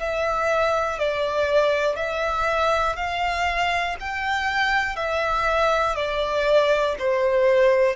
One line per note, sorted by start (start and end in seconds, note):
0.00 0.99 E5
0.99 1.96 D5
1.96 2.96 E5
2.96 3.96 F5
4.00 4.96 G5
4.96 5.96 E5
5.96 6.96 D5
6.99 7.96 C5